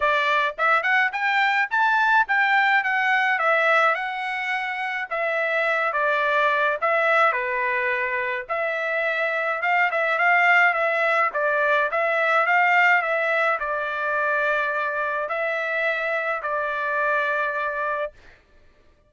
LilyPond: \new Staff \with { instrumentName = "trumpet" } { \time 4/4 \tempo 4 = 106 d''4 e''8 fis''8 g''4 a''4 | g''4 fis''4 e''4 fis''4~ | fis''4 e''4. d''4. | e''4 b'2 e''4~ |
e''4 f''8 e''8 f''4 e''4 | d''4 e''4 f''4 e''4 | d''2. e''4~ | e''4 d''2. | }